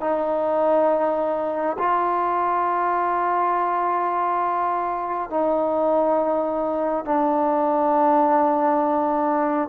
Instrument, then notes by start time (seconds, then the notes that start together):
trombone
0.00 D#4
1.78 F4
5.30 D#4
7.05 D4